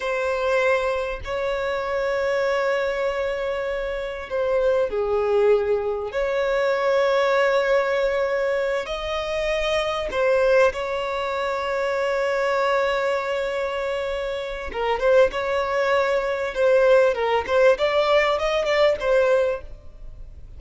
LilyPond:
\new Staff \with { instrumentName = "violin" } { \time 4/4 \tempo 4 = 98 c''2 cis''2~ | cis''2. c''4 | gis'2 cis''2~ | cis''2~ cis''8 dis''4.~ |
dis''8 c''4 cis''2~ cis''8~ | cis''1 | ais'8 c''8 cis''2 c''4 | ais'8 c''8 d''4 dis''8 d''8 c''4 | }